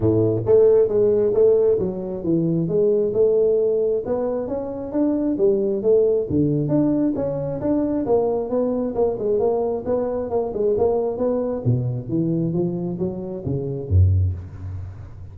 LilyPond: \new Staff \with { instrumentName = "tuba" } { \time 4/4 \tempo 4 = 134 a,4 a4 gis4 a4 | fis4 e4 gis4 a4~ | a4 b4 cis'4 d'4 | g4 a4 d4 d'4 |
cis'4 d'4 ais4 b4 | ais8 gis8 ais4 b4 ais8 gis8 | ais4 b4 b,4 e4 | f4 fis4 cis4 fis,4 | }